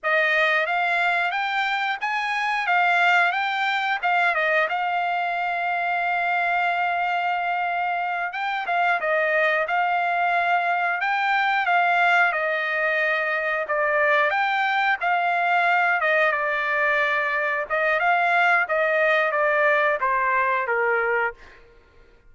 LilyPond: \new Staff \with { instrumentName = "trumpet" } { \time 4/4 \tempo 4 = 90 dis''4 f''4 g''4 gis''4 | f''4 g''4 f''8 dis''8 f''4~ | f''1~ | f''8 g''8 f''8 dis''4 f''4.~ |
f''8 g''4 f''4 dis''4.~ | dis''8 d''4 g''4 f''4. | dis''8 d''2 dis''8 f''4 | dis''4 d''4 c''4 ais'4 | }